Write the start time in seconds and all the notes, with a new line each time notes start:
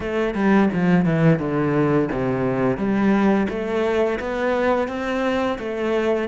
0.00 A3
0.34 G3
0.73 F3
1.05 E3
1.39 D3
2.12 C3
2.77 G3
3.49 A3
4.19 B3
4.88 C4
5.58 A3